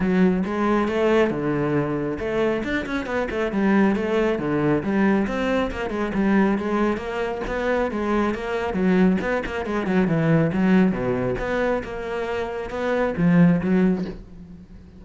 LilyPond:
\new Staff \with { instrumentName = "cello" } { \time 4/4 \tempo 4 = 137 fis4 gis4 a4 d4~ | d4 a4 d'8 cis'8 b8 a8 | g4 a4 d4 g4 | c'4 ais8 gis8 g4 gis4 |
ais4 b4 gis4 ais4 | fis4 b8 ais8 gis8 fis8 e4 | fis4 b,4 b4 ais4~ | ais4 b4 f4 fis4 | }